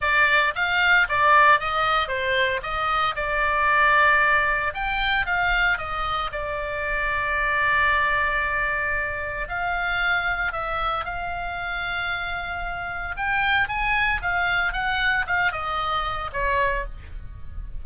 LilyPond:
\new Staff \with { instrumentName = "oboe" } { \time 4/4 \tempo 4 = 114 d''4 f''4 d''4 dis''4 | c''4 dis''4 d''2~ | d''4 g''4 f''4 dis''4 | d''1~ |
d''2 f''2 | e''4 f''2.~ | f''4 g''4 gis''4 f''4 | fis''4 f''8 dis''4. cis''4 | }